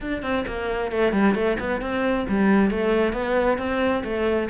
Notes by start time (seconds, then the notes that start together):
0.00 D4
0.22 C4
0.47 A#3
0.91 A3
1.12 G3
1.34 A3
1.59 B3
1.81 C4
2.28 G3
2.70 A3
3.13 B3
3.58 C4
4.04 A3